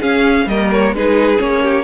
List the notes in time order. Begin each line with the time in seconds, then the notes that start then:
0.00 C#4 G#4 F5
0.47 G3 A#3 A#4 D#5
0.72 C#5
0.92 G#3 D#4 G#4 B4
1.37 A#3 C#4 C#5
1.63 G4